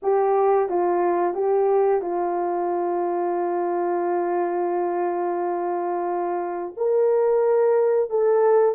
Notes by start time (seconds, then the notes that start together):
0.02 G4
0.69 F4
1.34 G4
2.01 F4
6.76 A#4
8.10 A4